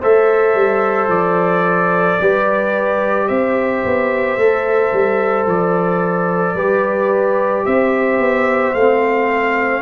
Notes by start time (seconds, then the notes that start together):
0.00 A3 A4 C5 E5
0.55 G3
1.08 F3 D5
2.21 G3 G4 B4
3.28 C4 C5 E5
3.85 B3
4.37 A3 A4
4.93 G3
5.46 F3 D5
6.55 G3 G4 B4
7.66 C4 C5 E5
8.19 B3
8.74 A3 C4 F5